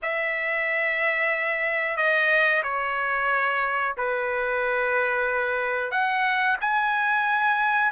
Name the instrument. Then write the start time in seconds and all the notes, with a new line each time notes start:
trumpet
0.02 E5
1.96 D#5
2.63 C#5
3.97 B4
5.91 F#5
6.61 G#5